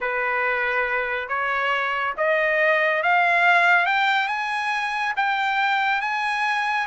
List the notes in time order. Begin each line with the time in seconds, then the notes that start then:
0.00 B4
1.28 C#5
2.17 D#5
3.03 F5
3.86 G5
4.27 G#5
5.16 G5
6.01 G#5